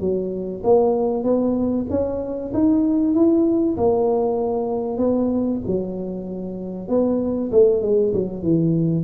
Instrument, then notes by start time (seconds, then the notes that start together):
tuba
0.00 F#3
0.64 A#3
1.24 B3
1.90 C#4
2.54 D#4
3.14 E4
3.77 A#3
4.98 B3
5.67 F#3
6.88 B3
7.52 A3
7.82 G#3
8.14 F#3
8.43 E3